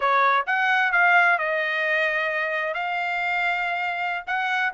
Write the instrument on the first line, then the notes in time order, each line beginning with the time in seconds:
trumpet
0.00 C#5
0.46 F#5
0.92 F5
1.38 D#5
2.74 F5
4.26 F#5